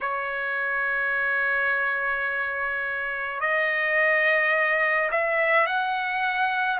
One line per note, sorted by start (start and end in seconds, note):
0.00 3.40 C#5
3.40 5.09 D#5
5.11 5.66 E5
5.66 6.79 F#5